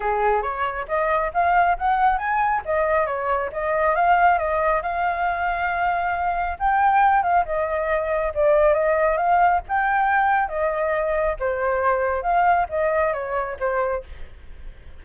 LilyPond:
\new Staff \with { instrumentName = "flute" } { \time 4/4 \tempo 4 = 137 gis'4 cis''4 dis''4 f''4 | fis''4 gis''4 dis''4 cis''4 | dis''4 f''4 dis''4 f''4~ | f''2. g''4~ |
g''8 f''8 dis''2 d''4 | dis''4 f''4 g''2 | dis''2 c''2 | f''4 dis''4 cis''4 c''4 | }